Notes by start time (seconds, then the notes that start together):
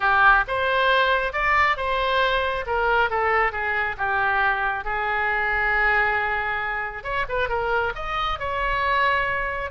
0.00 G4
0.47 C5
1.32 D5
1.76 C5
2.66 A#4
3.09 A4
3.52 G#4
3.97 G4
4.84 G#4
7.03 C#5
7.29 B4
7.48 A#4
7.95 D#5
8.39 C#5